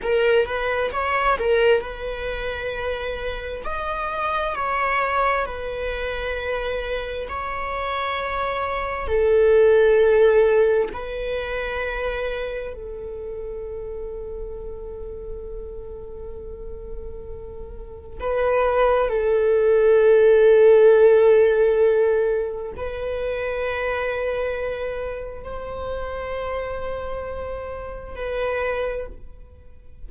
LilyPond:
\new Staff \with { instrumentName = "viola" } { \time 4/4 \tempo 4 = 66 ais'8 b'8 cis''8 ais'8 b'2 | dis''4 cis''4 b'2 | cis''2 a'2 | b'2 a'2~ |
a'1 | b'4 a'2.~ | a'4 b'2. | c''2. b'4 | }